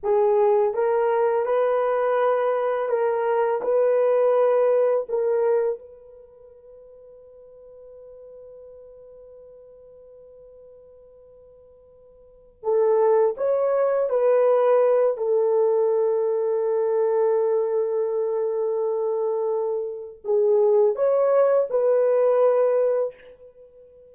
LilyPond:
\new Staff \with { instrumentName = "horn" } { \time 4/4 \tempo 4 = 83 gis'4 ais'4 b'2 | ais'4 b'2 ais'4 | b'1~ | b'1~ |
b'4. a'4 cis''4 b'8~ | b'4 a'2.~ | a'1 | gis'4 cis''4 b'2 | }